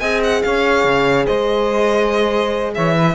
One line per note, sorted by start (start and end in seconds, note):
0.00 0.43 C4
0.00 3.15 G#4
0.00 0.42 D#5
0.00 0.21 G#5
0.24 0.42 F#5
0.42 0.84 C#4
0.42 1.27 C#5
0.42 1.26 F5
0.84 1.26 C#3
1.27 2.77 G#3
1.27 2.74 C5
1.27 2.74 D#5
2.75 3.15 E3
2.75 2.96 C#5
2.75 3.15 E5
2.96 3.15 B4